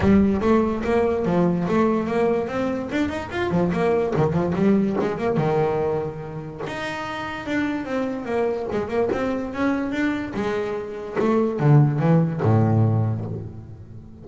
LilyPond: \new Staff \with { instrumentName = "double bass" } { \time 4/4 \tempo 4 = 145 g4 a4 ais4 f4 | a4 ais4 c'4 d'8 dis'8 | f'8 f8 ais4 dis8 f8 g4 | gis8 ais8 dis2. |
dis'2 d'4 c'4 | ais4 gis8 ais8 c'4 cis'4 | d'4 gis2 a4 | d4 e4 a,2 | }